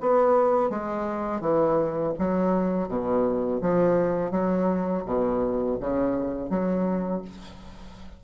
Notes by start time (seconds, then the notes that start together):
0.00 B3
0.70 G#3
1.41 E3
2.18 F#3
2.88 B2
3.61 F3
4.31 F#3
5.05 B2
5.80 C#3
6.50 F#3